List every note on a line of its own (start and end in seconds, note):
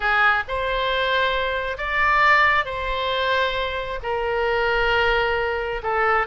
0.00 0.43 G#4
0.47 1.77 C5
1.77 2.65 D5
2.65 3.99 C5
4.03 5.82 A#4
5.82 6.27 A4